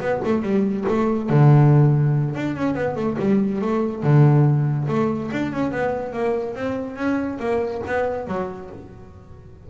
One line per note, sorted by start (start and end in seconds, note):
0.00 0.21 B3
0.25 0.42 A3
0.42 0.84 G3
0.88 1.29 A3
1.29 2.35 D3
2.35 2.56 D4
2.56 2.74 C#4
2.74 2.96 B3
2.96 3.17 A3
3.19 3.61 G3
3.61 4.03 A3
4.03 4.87 D3
4.88 5.30 A3
5.32 5.52 D4
5.52 5.71 C#4
5.71 6.13 B3
6.13 6.55 A#3
6.55 6.96 C4
6.96 7.38 C#4
7.39 7.81 A#3
7.87 8.27 B3
8.27 8.69 F#3